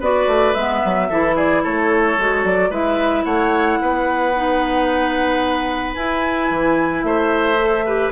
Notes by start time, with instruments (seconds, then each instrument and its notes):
0.00 bassoon B3, clarinet F#4, oboe B4, flute D5
0.27 bassoon A3
0.54 bassoon G#3, clarinet B3, flute E5
0.85 bassoon F#3
1.10 bassoon E3, clarinet E4, oboe A4
1.36 oboe G#4, flute D5
1.63 bassoon A3, oboe A4, flute C#5
2.18 bassoon G#3, clarinet F#4
2.44 bassoon F#3, flute D5
2.70 bassoon G#3, clarinet E4, oboe B4, flute E5
3.24 bassoon A3, oboe C#5, flute F#5
3.81 bassoon B3, oboe B4
4.36 clarinet D#4
5.95 bassoon E4, clarinet E4, flute G#5
6.50 bassoon E3
7.03 bassoon A3, oboe C5, flute E5
7.57 clarinet A4
7.86 clarinet G4, oboe B4